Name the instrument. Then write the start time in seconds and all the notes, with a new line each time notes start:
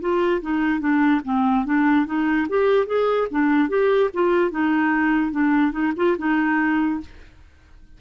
clarinet
0.00 F4
0.41 D#4
0.80 D4
1.24 C4
1.65 D4
2.06 D#4
2.48 G4
2.86 G#4
3.31 D4
3.69 G4
4.14 F4
4.51 D#4
5.32 D4
5.72 D#4
5.96 F4
6.18 D#4